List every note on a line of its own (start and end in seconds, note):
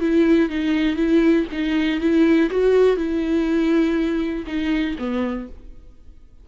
0.00 0.49 E4
0.49 0.96 D#4
0.96 1.46 E4
1.52 2.00 D#4
2.00 2.50 E4
2.50 2.96 F#4
2.96 4.45 E4
4.46 4.96 D#4
4.98 5.48 B3